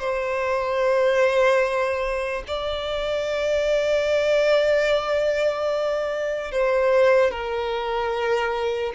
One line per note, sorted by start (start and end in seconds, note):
0.00 2.43 C5
2.48 6.52 D5
6.52 7.31 C5
7.31 8.93 A#4